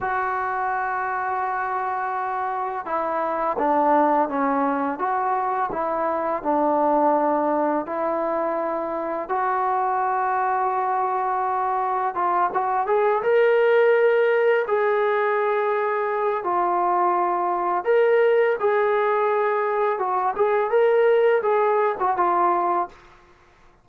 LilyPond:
\new Staff \with { instrumentName = "trombone" } { \time 4/4 \tempo 4 = 84 fis'1 | e'4 d'4 cis'4 fis'4 | e'4 d'2 e'4~ | e'4 fis'2.~ |
fis'4 f'8 fis'8 gis'8 ais'4.~ | ais'8 gis'2~ gis'8 f'4~ | f'4 ais'4 gis'2 | fis'8 gis'8 ais'4 gis'8. fis'16 f'4 | }